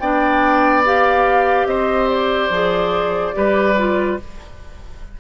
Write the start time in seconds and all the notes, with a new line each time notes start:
0.00 B3 D4 D5 G5
0.85 G4 F5
1.66 C4 C5 D#5
2.09 D5
2.50 F3 G#4
3.34 G3 G4 B4
3.78 F4